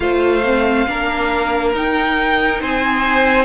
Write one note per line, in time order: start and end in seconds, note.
0.00 0.86 A3
0.00 0.41 F4
0.00 0.88 C5
0.00 1.72 F5
0.43 0.87 C4
0.87 1.73 A#3
0.87 1.74 D4
0.87 2.61 A#4
1.73 2.60 D#4
1.73 3.45 D#4
1.73 2.62 G5
2.61 3.45 C4
2.61 3.45 C5
2.61 3.45 G#5